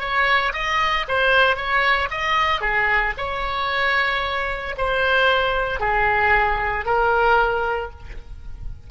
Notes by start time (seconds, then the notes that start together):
0.00 C#5
0.53 D#5
1.08 C5
1.56 C#5
2.11 D#5
2.61 G#4
3.18 C#5
4.78 C5
5.80 G#4
6.85 A#4